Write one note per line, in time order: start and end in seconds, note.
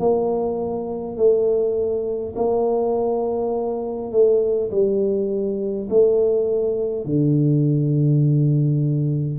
0.00 1.17 A#3
1.17 2.35 A3
2.36 4.12 A#3
4.12 4.71 A3
4.71 5.89 G3
5.90 7.05 A3
7.05 9.40 D3